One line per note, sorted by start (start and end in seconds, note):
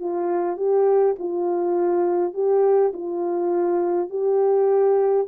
0.00 0.57 F4
0.57 1.16 G4
1.19 2.34 F4
2.34 2.93 G4
2.94 4.10 F4
4.10 5.28 G4